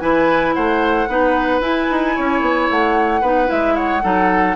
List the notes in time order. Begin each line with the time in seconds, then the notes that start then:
0.00 E3 E4 B4 G#5
0.54 A3 C5 F#5
1.08 B3 D#4 B4
1.61 E4 G#5
1.91 D#4
2.16 C#4 C#5
2.41 B3
2.70 A3 F#5
3.21 B3 D#4 B4
3.47 G#3 E4 E5
3.75 C#5 F#5
4.03 F#3 D#4 A4